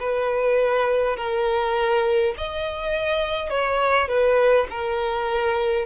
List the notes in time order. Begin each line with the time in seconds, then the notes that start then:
0.00 B4
1.17 A#4
2.37 D#5
3.50 C#5
4.09 B4
4.71 A#4